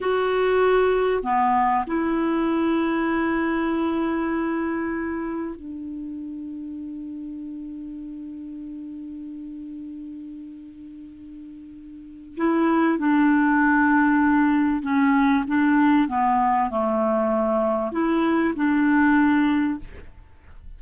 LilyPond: \new Staff \with { instrumentName = "clarinet" } { \time 4/4 \tempo 4 = 97 fis'2 b4 e'4~ | e'1~ | e'4 d'2.~ | d'1~ |
d'1 | e'4 d'2. | cis'4 d'4 b4 a4~ | a4 e'4 d'2 | }